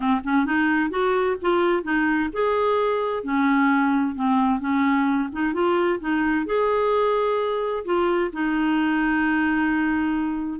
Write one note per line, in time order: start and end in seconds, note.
0.00 0.20 C4
0.24 0.45 C#4
0.45 0.90 D#4
0.90 1.36 F#4
1.41 1.83 F4
1.83 2.29 D#4
2.32 3.23 G#4
3.23 4.15 C#4
4.15 4.60 C4
4.60 5.29 C#4
5.32 5.53 D#4
5.53 5.99 F4
6.00 6.46 D#4
6.46 7.84 G#4
7.84 8.31 F4
8.32 10.59 D#4